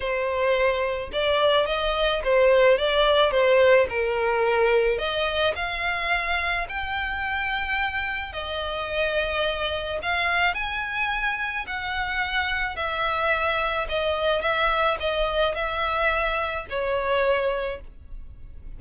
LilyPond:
\new Staff \with { instrumentName = "violin" } { \time 4/4 \tempo 4 = 108 c''2 d''4 dis''4 | c''4 d''4 c''4 ais'4~ | ais'4 dis''4 f''2 | g''2. dis''4~ |
dis''2 f''4 gis''4~ | gis''4 fis''2 e''4~ | e''4 dis''4 e''4 dis''4 | e''2 cis''2 | }